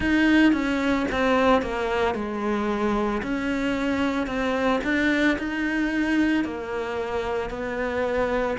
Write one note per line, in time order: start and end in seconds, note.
0.00 0.53 D#4
0.53 1.06 C#4
1.11 1.62 C4
1.62 2.14 A#3
2.14 3.21 G#3
3.22 4.26 C#4
4.26 4.80 C4
4.84 5.37 D4
5.38 6.44 D#4
6.44 7.50 A#3
7.50 8.57 B3